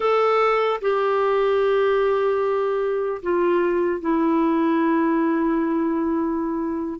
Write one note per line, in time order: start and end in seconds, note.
0.00 0.80 A4
0.81 3.21 G4
3.22 4.00 F4
4.00 6.99 E4